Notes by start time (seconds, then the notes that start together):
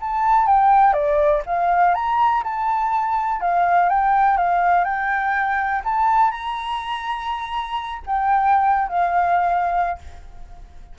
0.00 A5
0.47 G5
0.93 D5
1.46 F5
1.94 A#5
2.43 A5
3.41 F5
3.89 G5
4.37 F5
4.84 G5
5.84 A5
6.31 A#5
8.06 G5
8.88 F5